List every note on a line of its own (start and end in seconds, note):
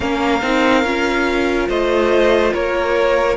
0.00 0.42 A#3
0.00 0.40 C#4
0.00 1.68 A#4
0.00 1.68 F5
0.42 0.83 C4
0.42 0.84 D#4
0.83 1.68 C#4
0.83 3.36 F4
1.68 2.53 A3
1.68 2.53 C5
1.68 2.53 D#5
2.53 3.36 A#3
2.53 3.36 A#4
2.53 3.36 C#5